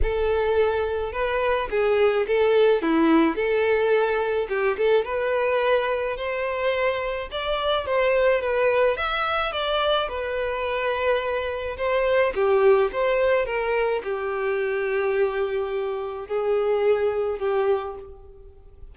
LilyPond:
\new Staff \with { instrumentName = "violin" } { \time 4/4 \tempo 4 = 107 a'2 b'4 gis'4 | a'4 e'4 a'2 | g'8 a'8 b'2 c''4~ | c''4 d''4 c''4 b'4 |
e''4 d''4 b'2~ | b'4 c''4 g'4 c''4 | ais'4 g'2.~ | g'4 gis'2 g'4 | }